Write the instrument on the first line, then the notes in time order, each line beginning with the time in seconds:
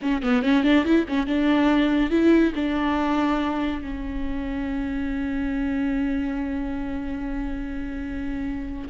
viola
0.02 C#4
0.22 B3
0.42 C#4
0.63 D4
0.84 E4
1.08 C#4
1.26 D4
2.10 E4
2.55 D4
3.81 C#4